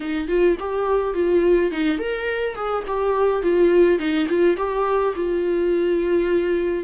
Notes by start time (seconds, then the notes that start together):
0.00 D#4
0.28 F4
0.59 G4
1.14 F4
1.71 D#4
1.98 A#4
2.55 G#4
2.87 G4
3.42 F4
3.98 D#4
4.28 F4
4.57 G4
5.15 F4